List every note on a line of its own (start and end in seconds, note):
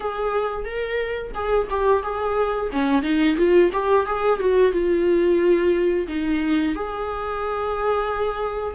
0.00 0.64 G#4
0.64 1.32 A#4
1.34 1.68 G#4
1.70 2.02 G4
2.02 2.70 G#4
2.72 3.02 C#4
3.02 3.36 D#4
3.37 3.70 F4
3.73 4.06 G4
4.06 4.39 G#4
4.39 4.72 F#4
4.72 6.06 F4
6.07 6.75 D#4
6.75 8.75 G#4